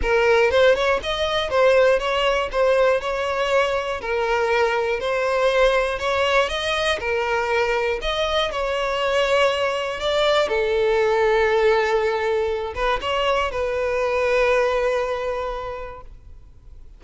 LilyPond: \new Staff \with { instrumentName = "violin" } { \time 4/4 \tempo 4 = 120 ais'4 c''8 cis''8 dis''4 c''4 | cis''4 c''4 cis''2 | ais'2 c''2 | cis''4 dis''4 ais'2 |
dis''4 cis''2. | d''4 a'2.~ | a'4. b'8 cis''4 b'4~ | b'1 | }